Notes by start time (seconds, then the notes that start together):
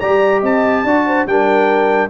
0.00 G3 G4 D5 A#5
0.41 C4 D#5 A5
0.84 D4 F#4 D5
1.07 C5
1.26 G3 D4 A#4 G5